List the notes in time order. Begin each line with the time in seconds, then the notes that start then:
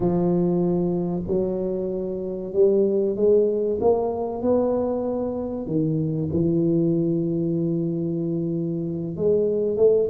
0.00 F3
1.27 F#3
2.53 G3
3.16 G#3
3.80 A#3
4.42 B3
5.66 D#3
6.33 E3
9.16 G#3
9.76 A3